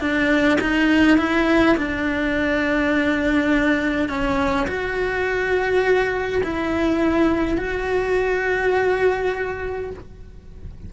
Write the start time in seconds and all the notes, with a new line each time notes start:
0.00 D4
0.61 D#4
1.17 E4
1.76 D4
4.08 C#4
4.67 F#4
6.43 E4
7.57 F#4